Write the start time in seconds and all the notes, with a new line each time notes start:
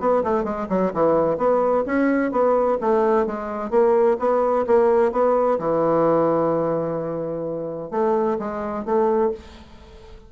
0.00 B3
0.24 A3
0.44 G#3
0.69 F#3
0.94 E3
1.38 B3
1.86 C#4
2.32 B3
2.81 A3
3.26 G#3
3.71 A#3
4.19 B3
4.67 A#3
5.12 B3
5.59 E3
7.91 A3
8.39 G#3
8.85 A3